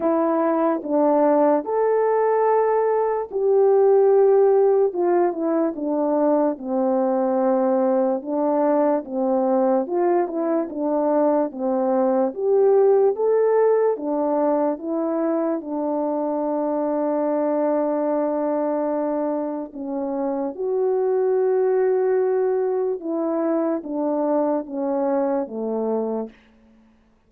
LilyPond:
\new Staff \with { instrumentName = "horn" } { \time 4/4 \tempo 4 = 73 e'4 d'4 a'2 | g'2 f'8 e'8 d'4 | c'2 d'4 c'4 | f'8 e'8 d'4 c'4 g'4 |
a'4 d'4 e'4 d'4~ | d'1 | cis'4 fis'2. | e'4 d'4 cis'4 a4 | }